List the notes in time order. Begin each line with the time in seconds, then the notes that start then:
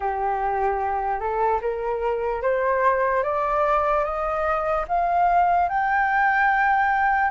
0.00 G4
1.19 A4
1.61 A#4
2.41 C5
3.23 D5
4.04 D#5
4.88 F5
5.68 G5